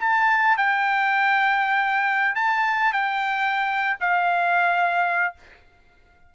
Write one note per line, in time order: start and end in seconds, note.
0.00 0.58 A5
0.58 2.36 G5
2.36 2.93 A5
2.93 3.97 G5
4.01 5.35 F5